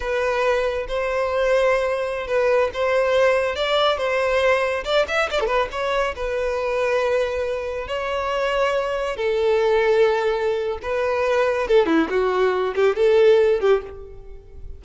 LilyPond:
\new Staff \with { instrumentName = "violin" } { \time 4/4 \tempo 4 = 139 b'2 c''2~ | c''4~ c''16 b'4 c''4.~ c''16~ | c''16 d''4 c''2 d''8 e''16~ | e''16 d''16 a'16 b'8 cis''4 b'4.~ b'16~ |
b'2~ b'16 cis''4.~ cis''16~ | cis''4~ cis''16 a'2~ a'8.~ | a'4 b'2 a'8 e'8 | fis'4. g'8 a'4. g'8 | }